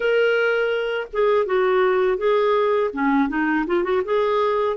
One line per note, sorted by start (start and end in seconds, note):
0.00 1.07 A#4
1.12 1.46 G#4
1.46 2.18 F#4
2.18 2.91 G#4
2.93 3.28 C#4
3.28 3.65 D#4
3.67 3.83 F4
3.83 4.01 F#4
4.04 4.77 G#4